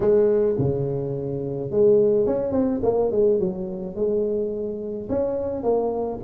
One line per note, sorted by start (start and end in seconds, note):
0.00 0.56 G#3
0.58 1.70 C#3
1.70 2.26 G#3
2.26 2.52 C#4
2.52 2.80 C4
2.83 3.11 A#3
3.11 3.39 G#3
3.39 3.95 F#3
3.95 5.08 G#3
5.09 5.63 C#4
5.63 6.19 A#3